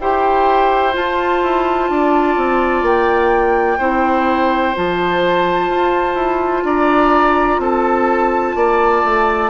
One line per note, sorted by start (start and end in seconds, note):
0.00 0.96 E4
0.00 0.93 G4
0.00 1.91 C5
0.00 0.95 G5
0.93 3.79 F4
0.93 1.43 F4
0.93 2.86 A5
1.43 1.89 E4
1.89 2.37 D4
1.89 3.78 D5
2.37 2.83 C4
2.83 3.78 A#3
2.83 4.77 G5
3.78 4.74 C4
3.78 4.74 E4
3.78 6.64 C5
4.74 5.70 F3
4.74 9.50 F4
4.74 6.65 A5
5.70 6.15 F4
6.15 6.62 E4
6.64 7.59 D4
6.64 7.61 D5
6.64 7.60 A#5
7.59 8.54 C4
7.59 8.56 A4
7.59 9.50 A5
8.56 9.03 A#3
8.56 9.50 D5
9.04 9.50 A3